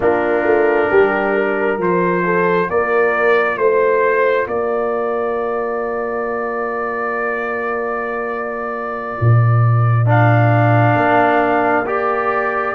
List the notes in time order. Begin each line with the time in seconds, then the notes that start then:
0.00 A#3 D4 F4 A#4
0.45 A3
0.89 G3 G4
1.34 A#4
1.78 F3 F4 C5
2.24 A4
2.69 A#3 A#4 D5
3.57 A3 C5
4.47 A#3 A#4 D5
9.20 A#2
10.05 D4 F5
10.95 A#3
11.85 G4 D5